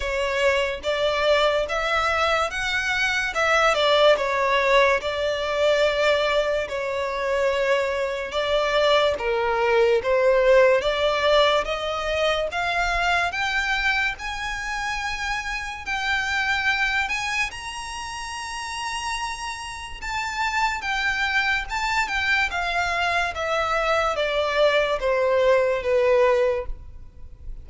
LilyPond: \new Staff \with { instrumentName = "violin" } { \time 4/4 \tempo 4 = 72 cis''4 d''4 e''4 fis''4 | e''8 d''8 cis''4 d''2 | cis''2 d''4 ais'4 | c''4 d''4 dis''4 f''4 |
g''4 gis''2 g''4~ | g''8 gis''8 ais''2. | a''4 g''4 a''8 g''8 f''4 | e''4 d''4 c''4 b'4 | }